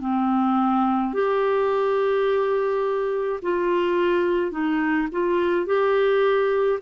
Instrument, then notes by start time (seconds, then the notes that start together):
clarinet
0.00 C4
1.13 G4
3.42 F4
4.51 D#4
5.11 F4
5.66 G4